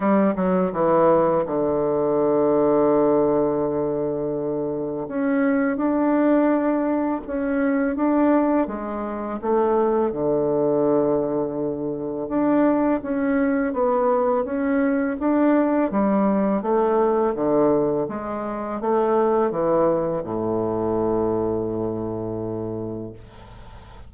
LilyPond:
\new Staff \with { instrumentName = "bassoon" } { \time 4/4 \tempo 4 = 83 g8 fis8 e4 d2~ | d2. cis'4 | d'2 cis'4 d'4 | gis4 a4 d2~ |
d4 d'4 cis'4 b4 | cis'4 d'4 g4 a4 | d4 gis4 a4 e4 | a,1 | }